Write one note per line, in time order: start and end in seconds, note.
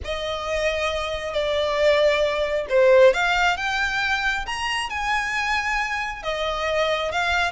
0.04 1.33 D#5
1.33 2.66 D5
2.69 3.13 C5
3.13 3.56 F5
3.56 4.45 G5
4.45 4.89 A#5
4.89 6.22 G#5
6.23 7.11 D#5
7.11 7.51 F5